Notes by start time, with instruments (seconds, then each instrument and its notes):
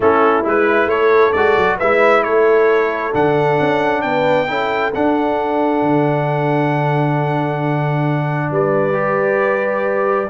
0.00 tuba A3, trombone C#4, horn E4, trumpet A4
0.44 tuba G#3, trombone E4, trumpet B4
0.86 tuba A3, horn A4, trumpet C#5
1.32 tuba G#3, trombone F#4, trumpet D5
1.56 tuba F#3
1.77 tuba G#3, trombone E4, horn B4, trumpet E5
2.23 tuba A3, horn A4, trumpet C#5
3.12 tuba D3, trombone D4, trumpet F#5
3.60 tuba C#4
4.01 tuba B3, horn B4, trumpet G5
4.47 tuba C#4, trombone E4, horn A4
4.94 tuba D4, trombone D4, trumpet F#5
5.82 tuba D3
8.50 tuba G3, horn B4, trumpet D5
8.93 trombone G4